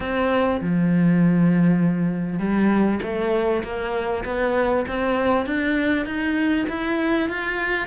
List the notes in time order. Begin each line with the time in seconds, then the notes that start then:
0.00 C4
0.61 F3
2.39 G3
3.02 A3
3.63 A#3
4.25 B3
4.87 C4
5.45 D4
6.05 D#4
6.68 E4
7.29 F4